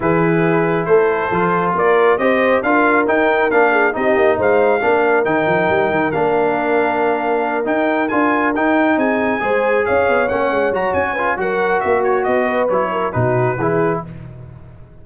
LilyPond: <<
  \new Staff \with { instrumentName = "trumpet" } { \time 4/4 \tempo 4 = 137 b'2 c''2 | d''4 dis''4 f''4 g''4 | f''4 dis''4 f''2 | g''2 f''2~ |
f''4. g''4 gis''4 g''8~ | g''8 gis''2 f''4 fis''8~ | fis''8 ais''8 gis''4 fis''4 e''8 cis''8 | dis''4 cis''4 b'2 | }
  \new Staff \with { instrumentName = "horn" } { \time 4/4 gis'2 a'2 | ais'4 c''4 ais'2~ | ais'8 gis'8 g'4 c''4 ais'4~ | ais'1~ |
ais'1~ | ais'8 gis'4 c''4 cis''4.~ | cis''4. b'8 ais'4 fis'4~ | fis'8 b'4 ais'8 fis'4 gis'4 | }
  \new Staff \with { instrumentName = "trombone" } { \time 4/4 e'2. f'4~ | f'4 g'4 f'4 dis'4 | d'4 dis'2 d'4 | dis'2 d'2~ |
d'4. dis'4 f'4 dis'8~ | dis'4. gis'2 cis'8~ | cis'8 fis'4 f'8 fis'2~ | fis'4 e'4 dis'4 e'4 | }
  \new Staff \with { instrumentName = "tuba" } { \time 4/4 e2 a4 f4 | ais4 c'4 d'4 dis'4 | ais4 c'8 ais8 gis4 ais4 | dis8 f8 g8 dis8 ais2~ |
ais4. dis'4 d'4 dis'8~ | dis'8 c'4 gis4 cis'8 b8 ais8 | gis8 fis8 cis'4 fis4 ais4 | b4 fis4 b,4 e4 | }
>>